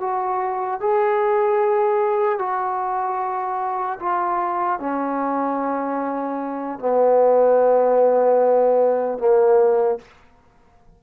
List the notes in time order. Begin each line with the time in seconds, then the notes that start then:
0.00 F#4
0.80 G#4
2.39 F#4
3.99 F4
4.79 C#4
6.79 B3
9.18 A#3